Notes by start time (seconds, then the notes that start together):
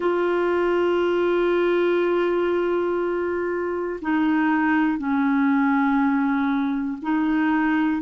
0.00 F4
4.01 D#4
4.97 C#4
7.02 D#4